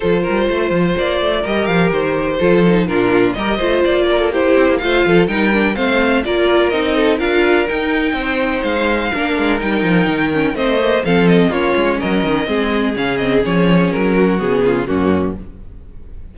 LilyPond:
<<
  \new Staff \with { instrumentName = "violin" } { \time 4/4 \tempo 4 = 125 c''2 d''4 dis''8 f''8 | c''2 ais'4 dis''4 | d''4 c''4 f''4 g''4 | f''4 d''4 dis''4 f''4 |
g''2 f''2 | g''2 dis''4 f''8 dis''8 | cis''4 dis''2 f''8 dis''8 | cis''4 ais'4 gis'4 fis'4 | }
  \new Staff \with { instrumentName = "violin" } { \time 4/4 a'8 ais'8 c''2 ais'4~ | ais'4 a'4 f'4 ais'8 c''8~ | c''8 ais'16 a'16 g'4 c''8 a'8 ais'4 | c''4 ais'4. a'8 ais'4~ |
ais'4 c''2 ais'4~ | ais'2 c''4 a'4 | f'4 ais'4 gis'2~ | gis'4. fis'4 f'8 cis'4 | }
  \new Staff \with { instrumentName = "viola" } { \time 4/4 f'2. g'4~ | g'4 f'8 dis'8 d'4 g'8 f'8~ | f'4 e'4 f'4 dis'8 d'8 | c'4 f'4 dis'4 f'4 |
dis'2. d'4 | dis'4. cis'8 c'8 ais8 c'4 | cis'2 c'4 cis'8 c'8 | cis'2 b4 ais4 | }
  \new Staff \with { instrumentName = "cello" } { \time 4/4 f8 g8 a8 f8 ais8 a8 g8 f8 | dis4 f4 ais,4 g8 a8 | ais4. c'16 ais16 a8 f8 g4 | a4 ais4 c'4 d'4 |
dis'4 c'4 gis4 ais8 gis8 | g8 f8 dis4 a4 f4 | ais8 gis8 fis8 dis8 gis4 cis4 | f4 fis4 cis4 fis,4 | }
>>